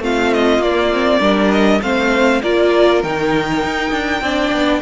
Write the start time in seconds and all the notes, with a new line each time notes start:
0.00 A3 C4 F4 F5
0.33 D#5
0.58 A#3 D5
0.65 A#3
0.93 C4
1.20 G3 D4 A#4
1.51 D#5
1.81 A3 C4 C5 F5
2.42 A#3 F4 A#4 D5
3.03 D#3 D#4 G5
3.64 D#4
3.91 D4
4.21 C4 D4 D5
4.52 B3